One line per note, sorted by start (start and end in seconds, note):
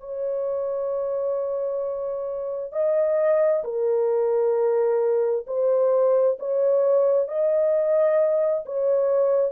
0.00 2.72 C#5
2.72 3.63 D#5
3.64 5.46 A#4
5.47 6.38 C5
6.39 7.28 C#5
7.28 8.64 D#5
8.66 9.52 C#5